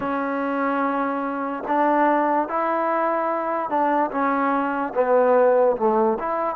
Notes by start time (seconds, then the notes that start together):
0.00 C#4
1.67 D4
2.48 E4
3.69 D4
4.11 C#4
4.94 B3
5.76 A3
6.19 E4